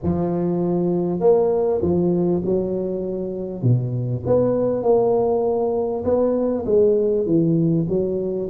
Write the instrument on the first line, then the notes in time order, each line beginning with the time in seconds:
tuba
0.03 F3
1.20 A#3
1.81 F3
2.44 F#3
3.62 B2
4.26 B3
4.83 A#3
6.04 B3
6.65 G#3
7.26 E3
7.88 F#3